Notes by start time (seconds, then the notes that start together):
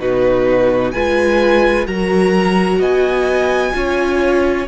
0.00 B2 D#4 F#4 B4
0.92 G#3 F4 B4 G#5
1.87 F#3 F#4 A#4 A#5
2.79 B3 D#5 G#5
3.73 C#4 F4 C#5